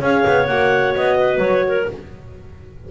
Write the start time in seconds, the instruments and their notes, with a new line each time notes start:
0.00 double bass C#4, horn G#4, clarinet C#5 F5
0.27 double bass B3
0.46 double bass A#3, horn F#4, clarinet F#5
0.95 double bass B3, clarinet D#5
1.17 clarinet B4
1.38 double bass F#3, clarinet C#5
1.67 clarinet A#4